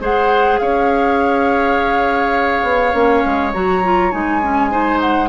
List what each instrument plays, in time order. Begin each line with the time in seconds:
0.00 bassoon G#3, clarinet G#4, oboe C5, flute F#5
0.58 bassoon C#4, oboe C#5, flute F5
2.63 bassoon B3
2.93 bassoon A#3, clarinet C#4
3.25 bassoon G#3
3.53 bassoon F#3, clarinet F#4, flute A#5
3.84 clarinet F4
4.11 bassoon G#3, clarinet D#4, flute G#5
4.42 clarinet C#4
4.71 clarinet D#4, oboe C5
5.00 flute F#5